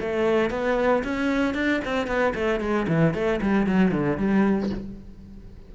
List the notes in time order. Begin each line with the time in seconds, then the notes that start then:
0.00 A3
0.50 B3
1.04 C#4
1.54 D4
1.85 C4
2.07 B3
2.35 A3
2.60 G#3
2.88 E3
3.14 A3
3.41 G3
3.67 F#3
3.91 D3
4.17 G3